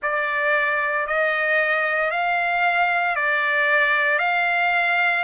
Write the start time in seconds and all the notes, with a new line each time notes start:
0.02 D5
1.06 D#5
2.11 F5
3.15 D5
4.18 F5